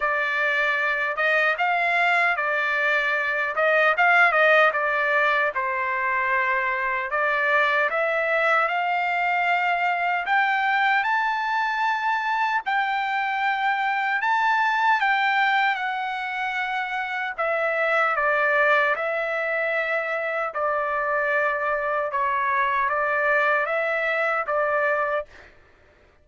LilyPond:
\new Staff \with { instrumentName = "trumpet" } { \time 4/4 \tempo 4 = 76 d''4. dis''8 f''4 d''4~ | d''8 dis''8 f''8 dis''8 d''4 c''4~ | c''4 d''4 e''4 f''4~ | f''4 g''4 a''2 |
g''2 a''4 g''4 | fis''2 e''4 d''4 | e''2 d''2 | cis''4 d''4 e''4 d''4 | }